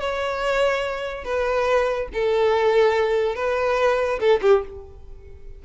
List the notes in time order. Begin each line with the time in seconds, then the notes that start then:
0.00 C#5
1.24 B4
2.13 A4
3.35 B4
4.19 A4
4.42 G4